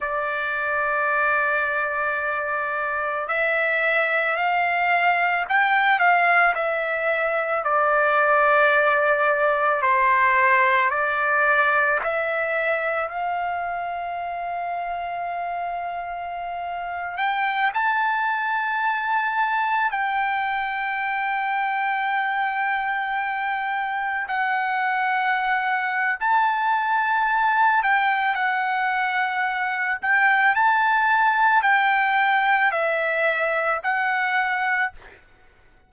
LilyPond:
\new Staff \with { instrumentName = "trumpet" } { \time 4/4 \tempo 4 = 55 d''2. e''4 | f''4 g''8 f''8 e''4 d''4~ | d''4 c''4 d''4 e''4 | f''2.~ f''8. g''16~ |
g''16 a''2 g''4.~ g''16~ | g''2~ g''16 fis''4.~ fis''16 | a''4. g''8 fis''4. g''8 | a''4 g''4 e''4 fis''4 | }